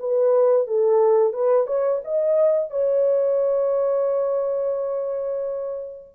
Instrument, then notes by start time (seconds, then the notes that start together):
horn
0.00 B4
0.68 A4
1.34 B4
1.67 C#5
2.05 D#5
2.71 C#5